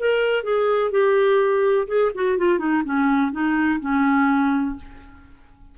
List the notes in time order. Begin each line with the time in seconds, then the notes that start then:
0.00 A#4
0.44 G#4
0.91 G4
1.88 G#4
2.15 F#4
2.38 F4
2.59 D#4
2.85 C#4
3.32 D#4
3.81 C#4